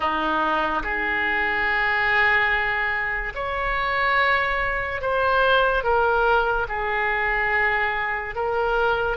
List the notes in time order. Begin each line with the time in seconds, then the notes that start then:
0.00 D#4
0.83 G#4
3.34 C#5
5.01 C5
5.83 A#4
6.68 G#4
8.35 A#4